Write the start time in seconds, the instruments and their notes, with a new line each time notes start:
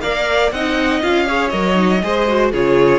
0.00 cello A#3, viola A#4, violin D5 F5
0.51 cello C4, viola D#4, violin D#5 F#5
1.02 cello C#4, viola F4, violin F5
1.26 viola G#4, violin C#5
1.48 cello F#3, viola A#4, violin D#5
1.74 viola D#4
2.03 cello G#3, viola G#4, violin C5
2.28 viola F#4
2.51 cello C#3, viola F4, violin G#4 C#5